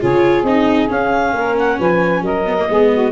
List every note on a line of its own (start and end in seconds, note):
0.00 0.43 C#3
0.00 0.45 F4
0.00 1.33 G#4
0.00 0.44 C#5
0.43 0.87 C4
0.43 0.88 D#4
0.43 0.89 D#5
0.88 2.44 C#4
0.88 1.34 C#4
0.88 1.58 F5
1.34 1.78 A#3
1.34 1.78 A#4
1.58 1.80 F#5
1.78 2.22 F3
1.78 2.23 B4
1.78 2.25 G#5
2.22 2.66 F#3
2.22 2.68 A#4
2.22 3.12 D#5
2.46 2.57 B3
2.59 2.69 A#3
2.69 3.12 G#3
2.69 3.12 B3
2.69 2.91 G#4
2.92 3.12 F#4